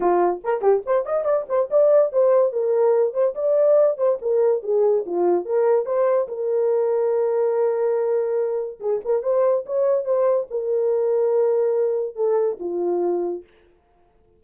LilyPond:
\new Staff \with { instrumentName = "horn" } { \time 4/4 \tempo 4 = 143 f'4 ais'8 g'8 c''8 dis''8 d''8 c''8 | d''4 c''4 ais'4. c''8 | d''4. c''8 ais'4 gis'4 | f'4 ais'4 c''4 ais'4~ |
ais'1~ | ais'4 gis'8 ais'8 c''4 cis''4 | c''4 ais'2.~ | ais'4 a'4 f'2 | }